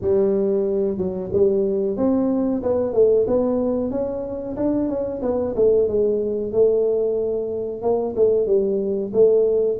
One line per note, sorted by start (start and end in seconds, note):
0.01 0.97 G3
0.97 1.30 F#3
1.32 1.96 G3
1.96 2.61 C4
2.63 2.93 B3
2.93 3.25 A3
3.27 3.90 B3
3.90 4.55 C#4
4.56 4.88 D4
4.88 5.21 C#4
5.22 5.54 B3
5.55 5.88 A3
5.88 6.52 G#3
6.52 7.82 A3
7.82 8.14 A#3
8.16 8.46 A3
8.46 9.12 G3
9.13 9.78 A3